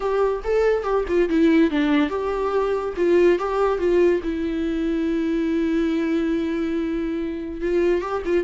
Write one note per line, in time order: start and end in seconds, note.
0.00 0.42 G4
0.44 0.83 A4
0.83 1.04 G4
1.08 1.29 F4
1.29 1.70 E4
1.70 2.09 D4
2.09 2.94 G4
2.96 3.38 F4
3.38 3.78 G4
3.78 4.20 F4
4.23 7.61 E4
7.61 8.01 F4
8.01 8.22 G4
8.25 8.44 F4